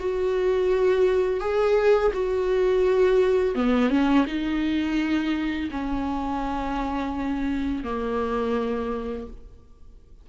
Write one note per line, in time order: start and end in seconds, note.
0.00 1.41 F#4
1.41 2.12 G#4
2.14 3.56 F#4
3.56 3.90 B3
3.90 4.26 C#4
4.27 5.70 D#4
5.71 7.84 C#4
7.84 9.27 A#3